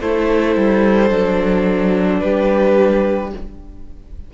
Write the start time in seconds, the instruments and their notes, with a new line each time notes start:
0.00 cello A3, viola E4, violin A4 C5
0.56 cello G3
1.09 cello F#3, viola D4
2.20 cello G3, violin G4 B4